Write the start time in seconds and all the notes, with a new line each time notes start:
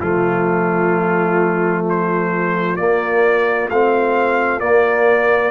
0.00 F3 A3 F4
1.90 C5
2.76 A#3 D5
3.70 A3 C4 F5
4.60 A#3 D5